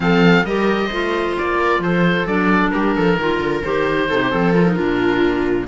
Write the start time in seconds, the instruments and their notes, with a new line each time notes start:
0.00 cello F3, clarinet C4, viola A4, oboe F5
0.44 cello G3, clarinet G4, viola A#4, oboe D#5
0.87 cello A3, clarinet F4, viola C5
1.37 cello A#3, oboe D5
1.58 viola A#4
1.78 cello F3, viola A4, oboe C5
2.26 cello F#3, clarinet D4, oboe D5
2.70 cello G3, viola G4, oboe A#4
2.96 cello F3, viola A4
3.17 cello D#3, clarinet F4, viola A#4
3.39 cello D3
3.63 cello D#3, clarinet G4, oboe C5
4.09 cello C3, clarinet D#4, viola A4
4.21 viola G4
4.31 cello F3, clarinet C4, viola A4
4.53 clarinet F4, oboe A#4
4.65 clarinet D#4
4.74 cello A#2, clarinet D4, viola F4